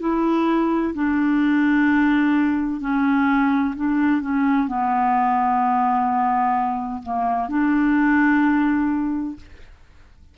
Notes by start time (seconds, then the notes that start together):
0.00 E4
0.94 D4
2.81 C#4
3.76 D4
4.22 C#4
4.68 B3
7.03 A#3
7.49 D4